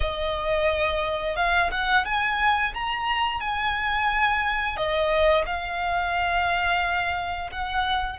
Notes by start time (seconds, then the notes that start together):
0.00 D#5
1.36 F5
1.71 F#5
2.05 G#5
2.74 A#5
3.40 G#5
4.76 D#5
5.45 F5
7.51 F#5